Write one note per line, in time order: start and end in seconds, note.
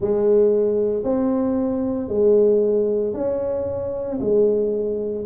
0.00 1.03 G#3
1.03 2.08 C4
2.08 3.13 G#3
3.13 4.19 C#4
4.20 5.25 G#3